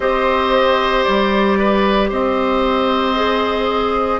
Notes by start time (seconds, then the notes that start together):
0.00 C4 G4 C5 D#5
1.03 G3 D5
1.58 B4
2.09 C4 C5 D#5
3.15 G#4